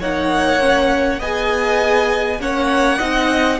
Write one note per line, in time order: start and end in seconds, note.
0.00 1.21 A#3
0.00 0.60 D#4
0.00 1.20 C#5
0.00 1.22 F#5
0.60 1.20 C#4
1.20 2.40 B3
1.20 2.40 G#4
1.20 2.40 D#5
1.20 2.42 G#5
2.40 3.00 A#3
2.40 3.00 C#4
2.40 2.99 C#5
2.40 3.60 F#5
2.99 3.60 C4
2.99 3.60 D#4
2.99 3.59 D#5